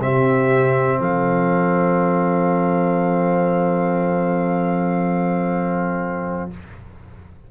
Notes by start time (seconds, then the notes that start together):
0.00 C3 C4 G4 E5
1.00 F3 A4 F5